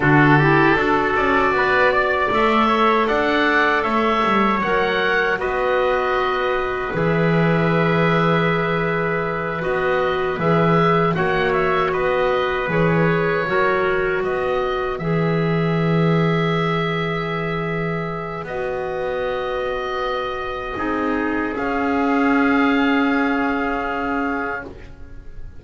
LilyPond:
<<
  \new Staff \with { instrumentName = "oboe" } { \time 4/4 \tempo 4 = 78 a'4. d''4. e''4 | fis''4 e''4 fis''4 dis''4~ | dis''4 e''2.~ | e''8 dis''4 e''4 fis''8 e''8 dis''8~ |
dis''8 cis''2 dis''4 e''8~ | e''1 | dis''1 | f''1 | }
  \new Staff \with { instrumentName = "trumpet" } { \time 4/4 fis'8 g'8 a'4 b'8 d''4 cis''8 | d''4 cis''2 b'4~ | b'1~ | b'2~ b'8 cis''4 b'8~ |
b'4. ais'4 b'4.~ | b'1~ | b'2. gis'4~ | gis'1 | }
  \new Staff \with { instrumentName = "clarinet" } { \time 4/4 d'8 e'8 fis'2 a'4~ | a'2 ais'4 fis'4~ | fis'4 gis'2.~ | gis'8 fis'4 gis'4 fis'4.~ |
fis'8 gis'4 fis'2 gis'8~ | gis'1 | fis'2. dis'4 | cis'1 | }
  \new Staff \with { instrumentName = "double bass" } { \time 4/4 d4 d'8 cis'8 b4 a4 | d'4 a8 g8 fis4 b4~ | b4 e2.~ | e8 b4 e4 ais4 b8~ |
b8 e4 fis4 b4 e8~ | e1 | b2. c'4 | cis'1 | }
>>